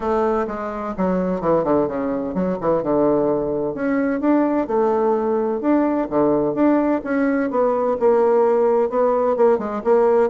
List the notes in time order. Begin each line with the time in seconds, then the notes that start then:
0.00 A3
0.47 G#3
0.97 F#3
1.40 E3
1.64 D3
1.87 C#3
2.34 F#3
2.60 E3
2.82 D3
3.74 C#4
4.20 D4
4.67 A3
5.60 D4
6.09 D3
6.54 D4
7.04 C#4
7.50 B3
7.99 A#3
8.89 B3
9.36 A#3
9.58 G#3
9.84 A#3